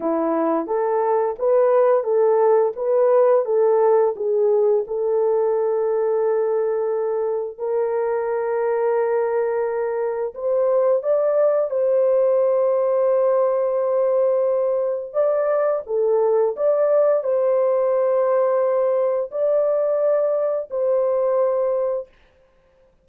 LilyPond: \new Staff \with { instrumentName = "horn" } { \time 4/4 \tempo 4 = 87 e'4 a'4 b'4 a'4 | b'4 a'4 gis'4 a'4~ | a'2. ais'4~ | ais'2. c''4 |
d''4 c''2.~ | c''2 d''4 a'4 | d''4 c''2. | d''2 c''2 | }